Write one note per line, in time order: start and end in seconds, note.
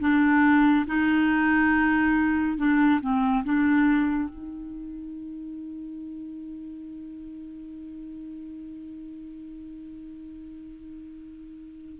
0.00 0.86 D4
0.87 2.58 D#4
2.58 3.00 D4
3.01 3.44 C4
3.44 4.29 D4
4.29 12.00 D#4